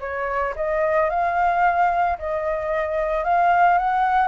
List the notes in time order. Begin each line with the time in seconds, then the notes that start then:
0.00 C#5
0.56 D#5
1.10 F5
2.18 D#5
3.24 F5
3.78 F#5